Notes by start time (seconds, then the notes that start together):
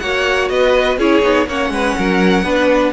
0.00 A#3 F#4 C#5 F#5
0.49 B3 B4 D#5
0.98 C#4 E4 G#4 C#5
1.22 B3 D#4
1.47 A#3 C#4 C#5 F#5
1.70 G#3 B4
1.98 F#3 A#4
2.43 B3 D4 B4